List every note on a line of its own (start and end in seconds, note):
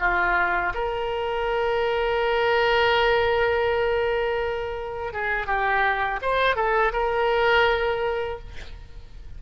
0.00 0.73 F4
0.75 5.13 A#4
5.13 5.47 G#4
5.47 6.20 G4
6.22 6.56 C5
6.56 6.93 A4
6.93 8.39 A#4